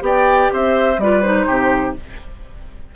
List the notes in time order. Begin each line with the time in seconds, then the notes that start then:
0.00 B3 G4 D5 G5
0.52 C4 C5 E5
0.98 G3 F4 B4 D5
1.22 D#4 C5
1.47 C3 G4